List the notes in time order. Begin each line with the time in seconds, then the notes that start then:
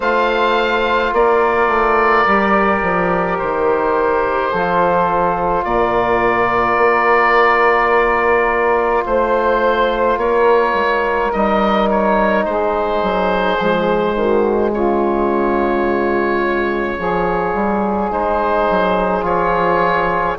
0.00 A3 F4 C5 F5
1.13 A#3 A#4 D5
1.67 A3
2.26 G3 G4
2.82 F3
3.37 D#3 C5
4.50 F3 A4
4.56 F4
5.64 A#2 A#4 D5
6.77 A#3
9.05 A3 C5
10.17 A#3 A#4 C#5
10.74 G#3
11.32 G3 D#4 D#5
11.91 C#5
12.44 G#3 G#4 C5
13.02 F#3
13.59 F3 G#3
14.15 D#3 F#4
14.72 C#3 F4 C#5
16.97 F3 F4 G#4
17.54 G3
18.11 G#3 D#4 C5
18.70 F#3
19.22 F3 F4 C#5